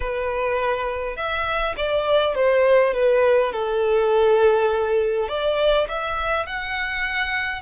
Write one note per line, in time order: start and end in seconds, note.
0.00 1.16 B4
1.16 1.75 E5
1.76 2.34 D5
2.34 2.93 C5
2.93 3.52 B4
3.52 5.28 A4
5.28 5.87 D5
5.88 6.46 E5
6.46 7.61 F#5